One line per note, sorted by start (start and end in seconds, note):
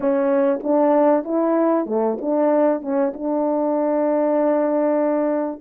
0.00 0.60 C#4
0.63 1.24 D4
1.24 1.86 E4
1.86 2.17 A3
2.21 2.81 D4
2.81 3.12 C#4
3.13 5.61 D4